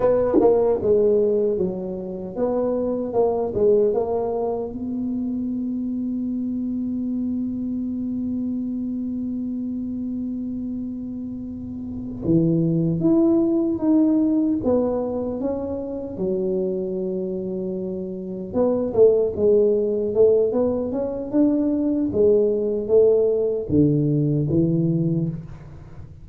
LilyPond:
\new Staff \with { instrumentName = "tuba" } { \time 4/4 \tempo 4 = 76 b8 ais8 gis4 fis4 b4 | ais8 gis8 ais4 b2~ | b1~ | b2.~ b8 e8~ |
e8 e'4 dis'4 b4 cis'8~ | cis'8 fis2. b8 | a8 gis4 a8 b8 cis'8 d'4 | gis4 a4 d4 e4 | }